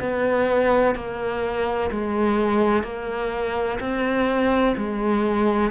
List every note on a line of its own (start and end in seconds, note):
0.00 0.95 B3
0.95 1.90 A#3
1.90 2.83 G#3
2.83 3.78 A#3
3.80 4.75 C4
4.76 5.71 G#3